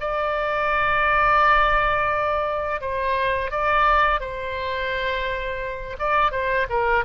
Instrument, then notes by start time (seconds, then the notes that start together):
oboe
0.00 D5
2.81 C5
3.51 D5
4.20 C5
5.98 D5
6.31 C5
6.69 A#4